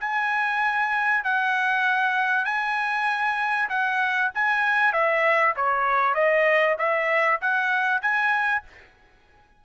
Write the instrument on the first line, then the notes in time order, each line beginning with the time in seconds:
trumpet
0.00 G#5
1.24 F#5
2.45 G#5
3.69 F#5
4.34 G#5
4.93 E5
5.56 C#5
6.15 D#5
6.78 E5
7.41 F#5
8.02 G#5